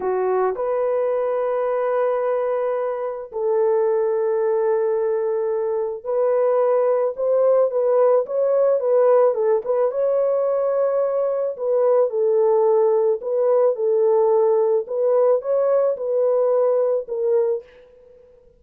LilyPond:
\new Staff \with { instrumentName = "horn" } { \time 4/4 \tempo 4 = 109 fis'4 b'2.~ | b'2 a'2~ | a'2. b'4~ | b'4 c''4 b'4 cis''4 |
b'4 a'8 b'8 cis''2~ | cis''4 b'4 a'2 | b'4 a'2 b'4 | cis''4 b'2 ais'4 | }